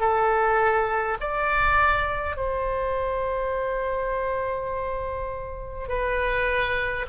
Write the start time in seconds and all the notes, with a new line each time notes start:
0.00 A4
1.20 D5
2.36 C5
5.89 B4